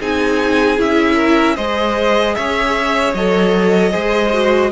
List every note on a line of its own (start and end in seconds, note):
0.00 0.79 C4
0.00 0.77 D#4
0.00 1.15 G#4
0.00 0.80 G#5
0.77 1.57 C#4
0.77 1.56 E4
0.77 1.56 E5
1.15 1.54 A#4
1.56 2.36 G#3
1.56 3.15 G#4
1.56 2.35 C5
1.56 2.35 D#5
2.35 3.14 C#4
2.35 3.92 C#5
2.35 3.14 E5
3.14 3.93 F#3
3.14 3.91 A4
3.14 4.72 D#5
3.91 4.72 G#3
3.91 4.31 G#4
3.91 4.71 C5
4.34 4.72 F#4